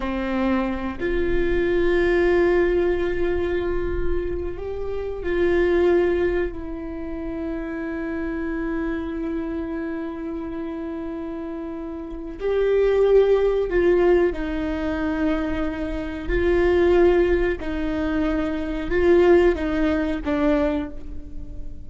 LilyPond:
\new Staff \with { instrumentName = "viola" } { \time 4/4 \tempo 4 = 92 c'4. f'2~ f'8~ | f'2. g'4 | f'2 e'2~ | e'1~ |
e'2. g'4~ | g'4 f'4 dis'2~ | dis'4 f'2 dis'4~ | dis'4 f'4 dis'4 d'4 | }